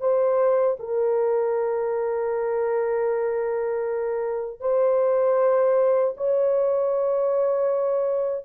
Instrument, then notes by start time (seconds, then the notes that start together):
horn
0.00 C5
0.79 A#4
4.60 C5
6.17 C#5